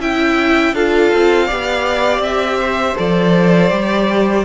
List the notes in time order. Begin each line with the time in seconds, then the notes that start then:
0.00 C#4 E4 E5 G5
0.74 D4 F4 A4 F5
1.15 C4
1.46 B3 G4 D5
2.19 C4 E5
2.60 C5
2.96 F3 A4 D5
3.70 G3 G4